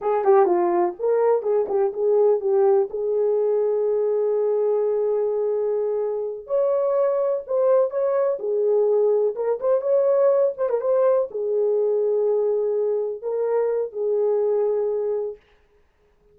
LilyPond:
\new Staff \with { instrumentName = "horn" } { \time 4/4 \tempo 4 = 125 gis'8 g'8 f'4 ais'4 gis'8 g'8 | gis'4 g'4 gis'2~ | gis'1~ | gis'4. cis''2 c''8~ |
c''8 cis''4 gis'2 ais'8 | c''8 cis''4. c''16 ais'16 c''4 gis'8~ | gis'2.~ gis'8 ais'8~ | ais'4 gis'2. | }